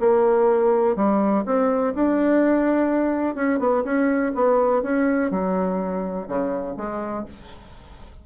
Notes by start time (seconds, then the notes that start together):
0.00 A#3
0.96 G3
1.45 C4
1.94 D4
3.35 C#4
3.59 B3
3.84 C#4
4.34 B3
4.82 C#4
5.30 F#3
6.27 C#3
6.77 G#3